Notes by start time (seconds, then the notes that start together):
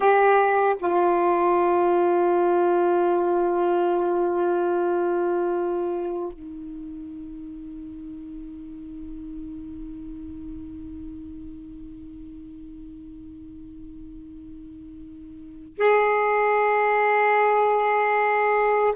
0.00 G4
0.79 F4
6.32 D#4
15.78 G#4